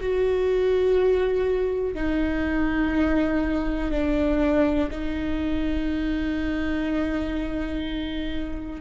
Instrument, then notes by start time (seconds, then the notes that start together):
viola
0.00 F#4
1.94 D#4
3.90 D4
4.90 D#4